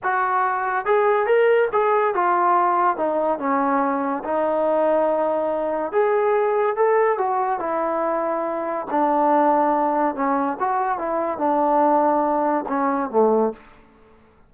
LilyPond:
\new Staff \with { instrumentName = "trombone" } { \time 4/4 \tempo 4 = 142 fis'2 gis'4 ais'4 | gis'4 f'2 dis'4 | cis'2 dis'2~ | dis'2 gis'2 |
a'4 fis'4 e'2~ | e'4 d'2. | cis'4 fis'4 e'4 d'4~ | d'2 cis'4 a4 | }